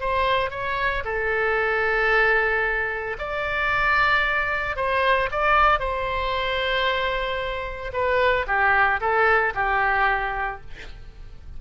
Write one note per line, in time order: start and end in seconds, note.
0.00 0.50 C5
0.50 1.03 C#5
1.04 3.17 A4
3.18 4.76 D5
4.76 5.29 C5
5.31 5.79 D5
5.79 7.92 C5
7.93 8.46 B4
8.47 9.00 G4
9.00 9.53 A4
9.54 10.60 G4